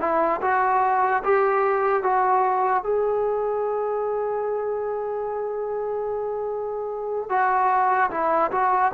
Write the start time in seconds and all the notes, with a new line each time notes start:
0.00 E4
0.41 F#4
1.23 G4
2.03 F#4
2.83 G#4
7.29 F#4
8.10 E4
8.51 F#4